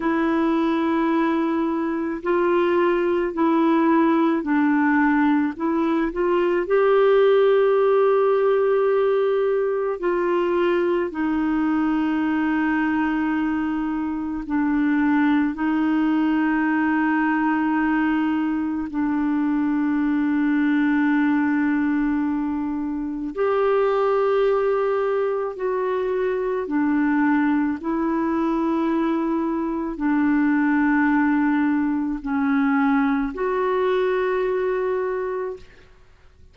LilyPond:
\new Staff \with { instrumentName = "clarinet" } { \time 4/4 \tempo 4 = 54 e'2 f'4 e'4 | d'4 e'8 f'8 g'2~ | g'4 f'4 dis'2~ | dis'4 d'4 dis'2~ |
dis'4 d'2.~ | d'4 g'2 fis'4 | d'4 e'2 d'4~ | d'4 cis'4 fis'2 | }